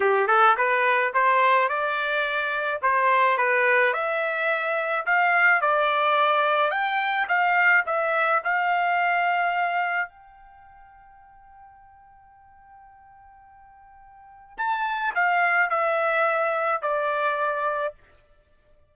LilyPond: \new Staff \with { instrumentName = "trumpet" } { \time 4/4 \tempo 4 = 107 g'8 a'8 b'4 c''4 d''4~ | d''4 c''4 b'4 e''4~ | e''4 f''4 d''2 | g''4 f''4 e''4 f''4~ |
f''2 g''2~ | g''1~ | g''2 a''4 f''4 | e''2 d''2 | }